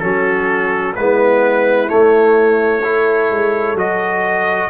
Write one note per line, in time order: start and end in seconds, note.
0.00 0.96 F#3
0.00 0.96 C#4
0.00 0.96 F#4
0.00 0.94 A4
0.96 1.90 G#3
0.96 1.89 B3
0.96 2.85 E4
0.96 1.89 B4
1.89 2.82 A3
1.89 3.31 A3
1.89 3.77 C#5
2.84 3.77 E4
2.84 4.70 A4
3.31 3.74 G#3
3.74 4.68 F#3
3.74 4.70 F#4
3.74 4.70 D#5